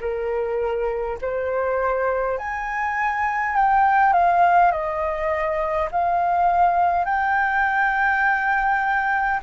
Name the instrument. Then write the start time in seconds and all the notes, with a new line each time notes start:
flute
0.00 A#4
1.21 C5
2.38 G#5
3.55 G5
4.13 F5
4.71 D#5
5.91 F5
7.04 G5